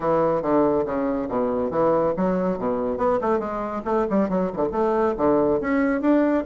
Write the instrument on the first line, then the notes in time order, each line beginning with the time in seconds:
bassoon
0.00 E3
0.41 D3
0.85 C#3
1.28 B2
1.70 E3
2.16 F#3
2.58 B2
2.97 B3
3.21 A3
3.39 G#3
3.85 A3
4.09 G3
4.29 F#3
4.53 D3 E3
4.72 A3
5.17 D3
5.60 C#4
6.01 D4